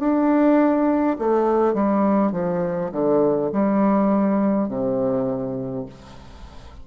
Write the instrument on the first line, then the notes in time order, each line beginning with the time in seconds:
bassoon
0.00 D4
1.19 A3
1.74 G3
2.33 F3
2.93 D3
3.52 G3
4.69 C3